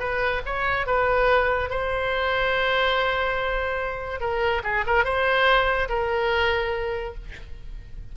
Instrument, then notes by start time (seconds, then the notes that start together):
oboe
0.00 B4
0.46 C#5
0.87 B4
1.70 C5
4.21 A#4
4.64 G#4
4.87 A#4
5.05 C5
5.89 A#4